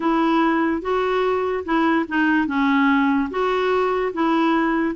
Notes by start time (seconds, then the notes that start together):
0.00 E4
0.81 F#4
1.64 E4
2.08 D#4
2.47 C#4
3.30 F#4
4.13 E4